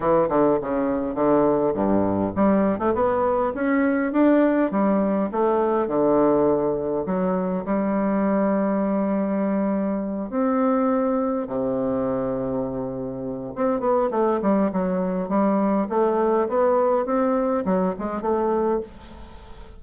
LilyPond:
\new Staff \with { instrumentName = "bassoon" } { \time 4/4 \tempo 4 = 102 e8 d8 cis4 d4 g,4 | g8. a16 b4 cis'4 d'4 | g4 a4 d2 | fis4 g2.~ |
g4. c'2 c8~ | c2. c'8 b8 | a8 g8 fis4 g4 a4 | b4 c'4 fis8 gis8 a4 | }